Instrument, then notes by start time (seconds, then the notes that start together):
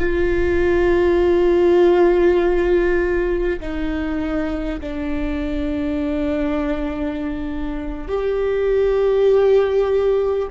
viola
0.00 F4
3.61 D#4
4.81 D4
8.08 G4